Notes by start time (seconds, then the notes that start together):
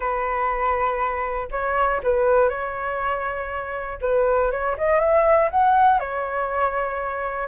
0.00 B4
1.51 C#5
2.03 B4
2.49 C#5
4.01 B4
4.51 C#5
4.77 D#5
4.99 E5
5.50 F#5
5.99 C#5